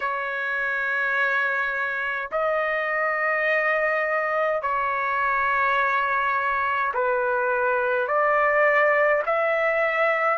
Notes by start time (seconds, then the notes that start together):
0.00 C#5
2.31 D#5
4.62 C#5
6.94 B4
8.07 D5
9.26 E5